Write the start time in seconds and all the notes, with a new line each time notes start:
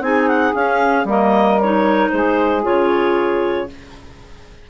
0.00 C4 D#4 G#4 G#5
0.27 F#5
0.54 C#4 F5
1.04 G3 A#3 A#4 D#5
1.60 D#4 C#5
2.09 G#3 G#4 C5
2.62 C#3 F4 C#5